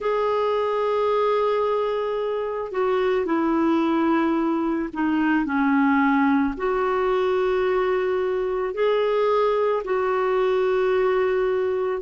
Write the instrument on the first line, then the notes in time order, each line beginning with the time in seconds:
clarinet
0.00 G#4
2.71 F#4
3.25 E4
4.93 D#4
5.45 C#4
6.57 F#4
8.73 G#4
9.84 F#4